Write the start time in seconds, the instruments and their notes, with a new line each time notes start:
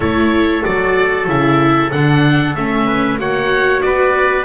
0.00 double bass A3, viola E4, trumpet A4, oboe C#5
0.63 double bass F#3, viola F#4, oboe D5
1.27 double bass C#3, viola E4, oboe E5
1.91 double bass D3, viola D4, oboe F#5
2.55 double bass A3, viola C#4, oboe E5
2.86 trumpet B4
3.18 double bass A#3, viola F#4, trumpet C#5, oboe F#5
3.81 double bass B3, trumpet B4, oboe D5